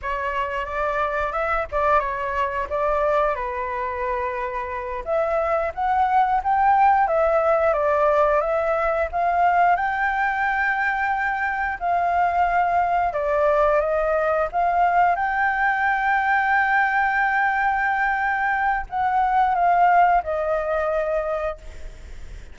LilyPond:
\new Staff \with { instrumentName = "flute" } { \time 4/4 \tempo 4 = 89 cis''4 d''4 e''8 d''8 cis''4 | d''4 b'2~ b'8 e''8~ | e''8 fis''4 g''4 e''4 d''8~ | d''8 e''4 f''4 g''4.~ |
g''4. f''2 d''8~ | d''8 dis''4 f''4 g''4.~ | g''1 | fis''4 f''4 dis''2 | }